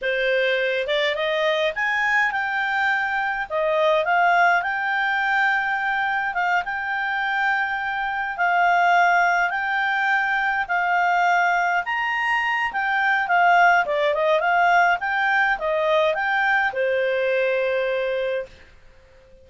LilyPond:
\new Staff \with { instrumentName = "clarinet" } { \time 4/4 \tempo 4 = 104 c''4. d''8 dis''4 gis''4 | g''2 dis''4 f''4 | g''2. f''8 g''8~ | g''2~ g''8 f''4.~ |
f''8 g''2 f''4.~ | f''8 ais''4. g''4 f''4 | d''8 dis''8 f''4 g''4 dis''4 | g''4 c''2. | }